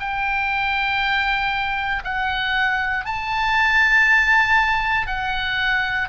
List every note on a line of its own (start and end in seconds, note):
0.00 2.03 G5
2.04 3.05 F#5
3.05 5.07 A5
5.07 6.09 F#5